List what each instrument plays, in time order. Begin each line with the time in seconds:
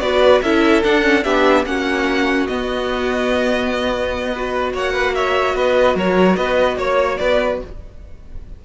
0.00 cello B3, viola F#4, violin B4 D5
0.42 cello C#4, viola E4, violin A4 E5
0.83 viola D4, cello D4, violin F#5
1.03 viola C#4
1.24 cello B3, viola D4, violin G4 E5
1.66 cello A#3, viola C#4, violin F#4 F#5
2.47 viola B3, cello B3, violin D#5
4.32 viola F#4, violin B4
4.74 cello A#3, violin C#5 F#5
4.93 violin B4
5.15 violin C#5 E5
5.55 cello B3, violin B4 D#5
5.95 cello F#3, violin A#4 C#5
6.37 cello B3, violin B4 D#5
6.77 cello A#3, violin C#5
7.18 cello B3, violin B4 D5